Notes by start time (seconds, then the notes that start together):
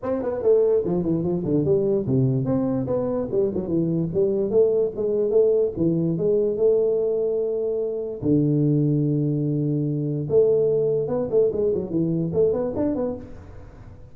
0.02 C4
0.22 B3
0.42 A3
0.85 F3
1.02 E3
1.23 F3
1.44 D3
1.64 G3
2.06 C3
2.45 C4
2.87 B3
3.31 G3
3.54 F#3
3.67 E3
4.13 G3
4.50 A3
4.96 G#3
5.30 A3
5.76 E3
6.17 G#3
6.57 A3
8.22 D3
10.29 A3
11.08 B3
11.30 A3
11.52 G#3
11.74 F#3
11.90 E3
12.33 A3
12.52 B3
12.76 D4
12.95 B3